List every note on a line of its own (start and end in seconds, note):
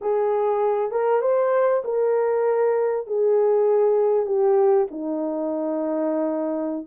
0.01 0.91 G#4
0.91 1.21 A#4
1.21 1.83 C5
1.84 3.06 A#4
3.06 4.26 G#4
4.26 4.87 G4
4.90 6.86 D#4